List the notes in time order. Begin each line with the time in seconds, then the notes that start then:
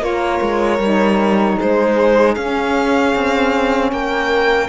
0.00 A#3 F4 A#4 C#5
0.41 G#3
0.79 G3 D#4
1.56 G#3 G#4 C5
2.35 C#4 F5
3.15 C4
3.92 A#3 A#4 G5